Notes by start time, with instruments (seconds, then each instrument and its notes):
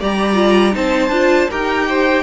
0.00 cello G3, viola G4, violin D5 A#5
0.34 viola F4
0.72 cello C4, viola D#4, violin C5 A5
1.10 cello D4, viola F4
1.50 cello D#4, viola G4, violin A#4 G5
1.88 violin C5